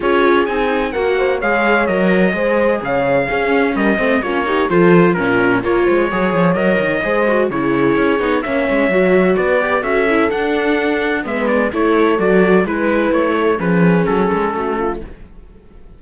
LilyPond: <<
  \new Staff \with { instrumentName = "trumpet" } { \time 4/4 \tempo 4 = 128 cis''4 gis''4 fis''4 f''4 | dis''2 f''2 | dis''4 cis''4 c''4 ais'4 | cis''2 dis''2 |
cis''2 e''2 | d''4 e''4 fis''2 | e''8 d''8 cis''4 d''4 b'4 | cis''4 b'4 a'2 | }
  \new Staff \with { instrumentName = "horn" } { \time 4/4 gis'2 ais'8 c''8 cis''4~ | cis''4 c''4 cis''4 gis'4 | ais'8 c''8 f'8 g'8 a'4 f'4 | ais'8 c''8 cis''2 c''4 |
gis'2 cis''2 | b'4 a'2. | b'4 a'2 b'4~ | b'8 a'8 gis'2 fis'8 f'8 | }
  \new Staff \with { instrumentName = "viola" } { \time 4/4 f'4 dis'4 fis'4 gis'4 | ais'4 gis'2 cis'4~ | cis'8 c'8 cis'8 dis'8 f'4 cis'4 | f'4 gis'4 ais'4 gis'8 fis'8 |
e'4. dis'8 cis'4 fis'4~ | fis'8 g'8 fis'8 e'8 d'2 | b4 e'4 fis'4 e'4~ | e'4 cis'2. | }
  \new Staff \with { instrumentName = "cello" } { \time 4/4 cis'4 c'4 ais4 gis4 | fis4 gis4 cis4 cis'4 | g8 a8 ais4 f4 ais,4 | ais8 gis8 fis8 f8 fis8 dis8 gis4 |
cis4 cis'8 b8 ais8 gis8 fis4 | b4 cis'4 d'2 | gis4 a4 fis4 gis4 | a4 f4 fis8 gis8 a4 | }
>>